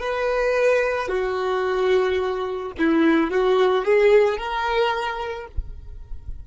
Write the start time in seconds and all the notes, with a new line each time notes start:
0.00 B4
1.09 F#4
2.79 E4
3.30 F#4
3.85 G#4
4.38 A#4